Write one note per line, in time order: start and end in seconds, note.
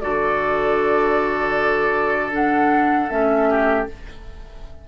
0.00 3.09 D3
0.00 2.31 F#4
0.00 3.49 A4
0.00 2.31 D5
2.31 3.08 D4
2.31 3.09 F#5
3.09 3.86 A3
3.09 3.87 C#4
3.09 3.86 E5
3.49 3.88 G4